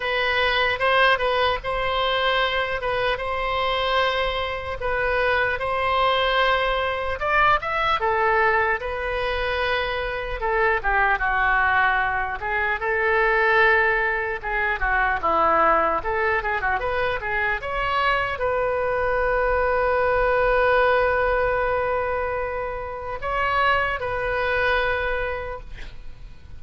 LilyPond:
\new Staff \with { instrumentName = "oboe" } { \time 4/4 \tempo 4 = 75 b'4 c''8 b'8 c''4. b'8 | c''2 b'4 c''4~ | c''4 d''8 e''8 a'4 b'4~ | b'4 a'8 g'8 fis'4. gis'8 |
a'2 gis'8 fis'8 e'4 | a'8 gis'16 fis'16 b'8 gis'8 cis''4 b'4~ | b'1~ | b'4 cis''4 b'2 | }